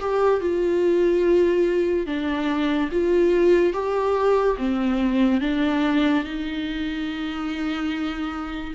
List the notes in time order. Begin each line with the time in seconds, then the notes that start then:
0.00 G4
0.41 F4
2.06 D4
2.92 F4
3.73 G4
4.58 C4
5.41 D4
6.24 D#4